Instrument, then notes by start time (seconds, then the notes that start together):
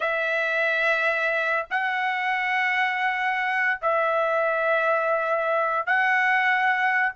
trumpet
0.00 E5
1.70 F#5
3.81 E5
5.86 F#5